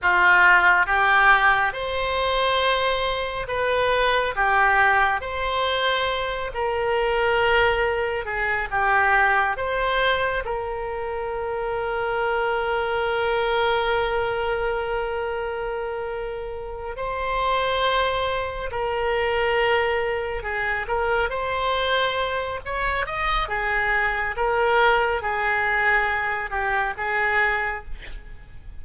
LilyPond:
\new Staff \with { instrumentName = "oboe" } { \time 4/4 \tempo 4 = 69 f'4 g'4 c''2 | b'4 g'4 c''4. ais'8~ | ais'4. gis'8 g'4 c''4 | ais'1~ |
ais'2.~ ais'8 c''8~ | c''4. ais'2 gis'8 | ais'8 c''4. cis''8 dis''8 gis'4 | ais'4 gis'4. g'8 gis'4 | }